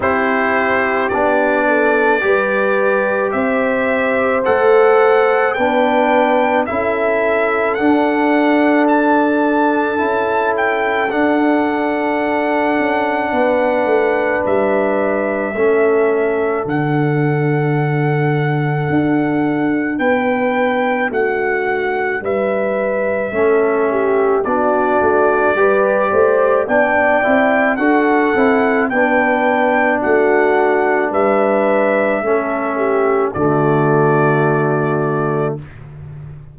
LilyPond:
<<
  \new Staff \with { instrumentName = "trumpet" } { \time 4/4 \tempo 4 = 54 c''4 d''2 e''4 | fis''4 g''4 e''4 fis''4 | a''4. g''8 fis''2~ | fis''4 e''2 fis''4~ |
fis''2 g''4 fis''4 | e''2 d''2 | g''4 fis''4 g''4 fis''4 | e''2 d''2 | }
  \new Staff \with { instrumentName = "horn" } { \time 4/4 g'4. a'8 b'4 c''4~ | c''4 b'4 a'2~ | a'1 | b'2 a'2~ |
a'2 b'4 fis'4 | b'4 a'8 g'8 fis'4 b'8 c''8 | d''4 a'4 b'4 fis'4 | b'4 a'8 g'8 fis'2 | }
  \new Staff \with { instrumentName = "trombone" } { \time 4/4 e'4 d'4 g'2 | a'4 d'4 e'4 d'4~ | d'4 e'4 d'2~ | d'2 cis'4 d'4~ |
d'1~ | d'4 cis'4 d'4 g'4 | d'8 e'8 fis'8 e'8 d'2~ | d'4 cis'4 a2 | }
  \new Staff \with { instrumentName = "tuba" } { \time 4/4 c'4 b4 g4 c'4 | a4 b4 cis'4 d'4~ | d'4 cis'4 d'4. cis'8 | b8 a8 g4 a4 d4~ |
d4 d'4 b4 a4 | g4 a4 b8 a8 g8 a8 | b8 c'8 d'8 c'8 b4 a4 | g4 a4 d2 | }
>>